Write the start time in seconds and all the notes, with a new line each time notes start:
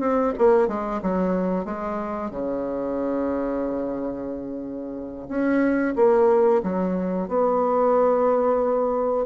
0.00 C4
0.38 A#3
0.67 G#3
1.02 F#3
1.65 G#3
2.30 C#3
5.28 C#4
5.96 A#3
6.63 F#3
7.28 B3